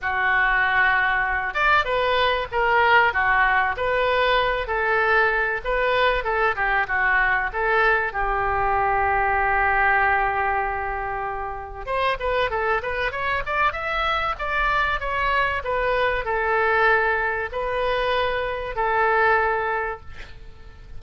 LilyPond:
\new Staff \with { instrumentName = "oboe" } { \time 4/4 \tempo 4 = 96 fis'2~ fis'8 d''8 b'4 | ais'4 fis'4 b'4. a'8~ | a'4 b'4 a'8 g'8 fis'4 | a'4 g'2.~ |
g'2. c''8 b'8 | a'8 b'8 cis''8 d''8 e''4 d''4 | cis''4 b'4 a'2 | b'2 a'2 | }